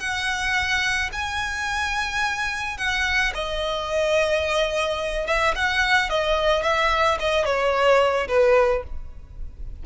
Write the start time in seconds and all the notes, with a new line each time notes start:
0.00 F#5
1.12 G#5
2.78 F#5
3.35 D#5
5.27 E5
5.55 F#5
6.10 D#5
6.63 E5
7.20 D#5
7.45 C#5
8.28 B4